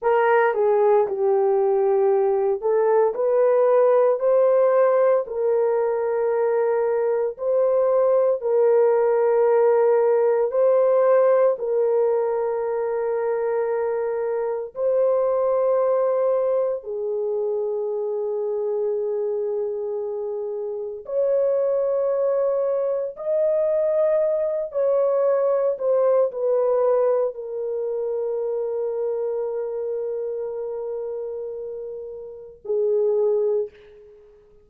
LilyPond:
\new Staff \with { instrumentName = "horn" } { \time 4/4 \tempo 4 = 57 ais'8 gis'8 g'4. a'8 b'4 | c''4 ais'2 c''4 | ais'2 c''4 ais'4~ | ais'2 c''2 |
gis'1 | cis''2 dis''4. cis''8~ | cis''8 c''8 b'4 ais'2~ | ais'2. gis'4 | }